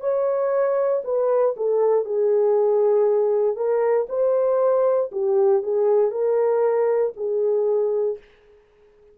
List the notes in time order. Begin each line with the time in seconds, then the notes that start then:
0.00 C#5
1.04 B4
1.57 A4
2.05 G#4
3.56 A#4
4.09 C5
5.11 G4
5.62 G#4
6.11 A#4
7.16 G#4